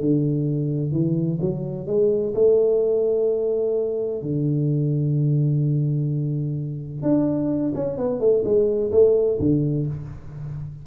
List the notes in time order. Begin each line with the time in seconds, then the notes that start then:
0.00 D3
0.92 E3
1.40 F#3
1.86 G#3
2.34 A3
4.21 D3
7.02 D4
7.74 C#4
7.97 B3
8.19 A3
8.44 G#3
8.91 A3
9.39 D3